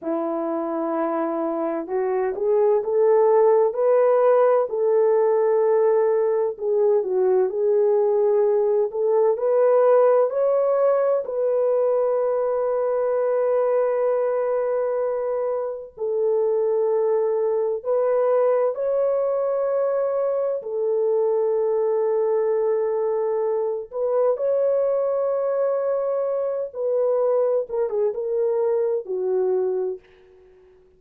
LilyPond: \new Staff \with { instrumentName = "horn" } { \time 4/4 \tempo 4 = 64 e'2 fis'8 gis'8 a'4 | b'4 a'2 gis'8 fis'8 | gis'4. a'8 b'4 cis''4 | b'1~ |
b'4 a'2 b'4 | cis''2 a'2~ | a'4. b'8 cis''2~ | cis''8 b'4 ais'16 gis'16 ais'4 fis'4 | }